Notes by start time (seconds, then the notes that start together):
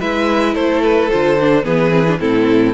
0.00 G#3 E4 B4 E5
0.55 A3 A4 C5
0.83 B4
1.11 D3 F4 C5
1.39 D4
1.63 E3 B3 G#4 B4
1.91 C4
2.08 D4
2.19 A2 C4 E4 A4